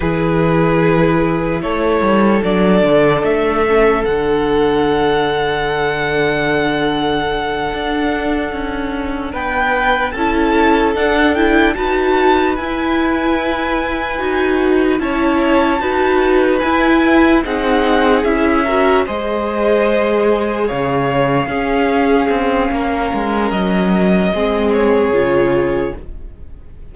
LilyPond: <<
  \new Staff \with { instrumentName = "violin" } { \time 4/4 \tempo 4 = 74 b'2 cis''4 d''4 | e''4 fis''2.~ | fis''2.~ fis''8 g''8~ | g''8 a''4 fis''8 g''8 a''4 gis''8~ |
gis''2~ gis''8 a''4.~ | a''8 gis''4 fis''4 e''4 dis''8~ | dis''4. f''2~ f''8~ | f''4 dis''4. cis''4. | }
  \new Staff \with { instrumentName = "violin" } { \time 4/4 gis'2 a'2~ | a'1~ | a'2.~ a'8 b'8~ | b'8 a'2 b'4.~ |
b'2~ b'8 cis''4 b'8~ | b'4. gis'4. ais'8 c''8~ | c''4. cis''4 gis'4. | ais'2 gis'2 | }
  \new Staff \with { instrumentName = "viola" } { \time 4/4 e'2. d'4~ | d'8 cis'8 d'2.~ | d'1~ | d'8 e'4 d'8 e'8 fis'4 e'8~ |
e'4. fis'4 e'4 fis'8~ | fis'8 e'4 dis'4 e'8 fis'8 gis'8~ | gis'2~ gis'8 cis'4.~ | cis'2 c'4 f'4 | }
  \new Staff \with { instrumentName = "cello" } { \time 4/4 e2 a8 g8 fis8 d8 | a4 d2.~ | d4. d'4 cis'4 b8~ | b8 cis'4 d'4 dis'4 e'8~ |
e'4. dis'4 cis'4 dis'8~ | dis'8 e'4 c'4 cis'4 gis8~ | gis4. cis4 cis'4 c'8 | ais8 gis8 fis4 gis4 cis4 | }
>>